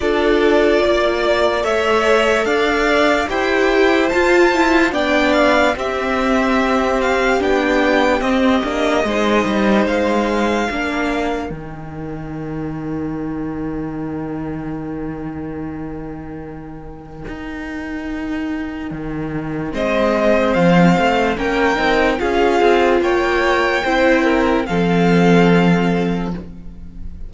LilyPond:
<<
  \new Staff \with { instrumentName = "violin" } { \time 4/4 \tempo 4 = 73 d''2 e''4 f''4 | g''4 a''4 g''8 f''8 e''4~ | e''8 f''8 g''4 dis''2 | f''2 g''2~ |
g''1~ | g''1 | dis''4 f''4 g''4 f''4 | g''2 f''2 | }
  \new Staff \with { instrumentName = "violin" } { \time 4/4 a'4 d''4 cis''4 d''4 | c''2 d''4 g'4~ | g'2. c''4~ | c''4 ais'2.~ |
ais'1~ | ais'1 | c''2 ais'4 gis'4 | cis''4 c''8 ais'8 a'2 | }
  \new Staff \with { instrumentName = "viola" } { \time 4/4 f'2 a'2 | g'4 f'8 e'8 d'4 c'4~ | c'4 d'4 c'8 d'8 dis'4~ | dis'4 d'4 dis'2~ |
dis'1~ | dis'1 | c'2 cis'8 dis'8 f'4~ | f'4 e'4 c'2 | }
  \new Staff \with { instrumentName = "cello" } { \time 4/4 d'4 ais4 a4 d'4 | e'4 f'4 b4 c'4~ | c'4 b4 c'8 ais8 gis8 g8 | gis4 ais4 dis2~ |
dis1~ | dis4 dis'2 dis4 | gis4 f8 a8 ais8 c'8 cis'8 c'8 | ais4 c'4 f2 | }
>>